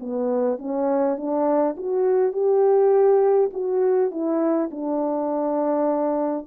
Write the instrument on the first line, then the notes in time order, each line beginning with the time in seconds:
horn
0.00 B3
0.58 C#4
1.17 D4
1.78 F#4
2.33 G4
3.53 F#4
4.11 E4
4.71 D4